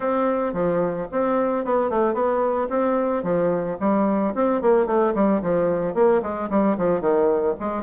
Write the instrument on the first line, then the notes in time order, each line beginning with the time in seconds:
bassoon
0.00 C4
0.53 F3
1.11 C4
1.64 B3
1.89 A3
2.14 B3
2.69 C4
3.23 F3
3.80 G3
4.34 C4
4.61 A#3
4.86 A3
5.14 G3
5.42 F3
5.94 A#3
6.22 G#3
6.49 G3
6.77 F3
7.00 D#3
7.59 G#3